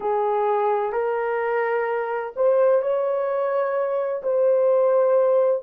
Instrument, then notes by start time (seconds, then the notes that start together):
horn
0.00 G#4
0.92 A#4
2.36 C5
2.81 C#5
4.22 C5